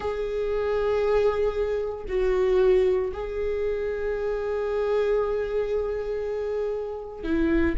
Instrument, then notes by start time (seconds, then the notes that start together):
viola
0.00 G#4
2.08 F#4
3.13 G#4
7.23 E4